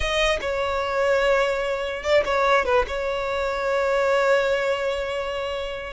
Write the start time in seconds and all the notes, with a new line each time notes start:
0.00 D#5
0.40 C#5
2.03 D5
2.25 C#5
2.65 B4
2.87 C#5